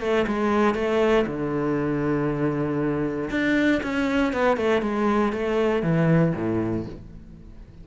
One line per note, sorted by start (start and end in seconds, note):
0.00 0.25 A3
0.27 0.74 G#3
0.74 1.25 A3
1.26 3.30 D3
3.30 3.81 D4
3.83 4.32 C#4
4.32 4.57 B3
4.57 4.82 A3
4.82 5.32 G#3
5.32 5.82 A3
5.82 6.33 E3
6.35 6.86 A2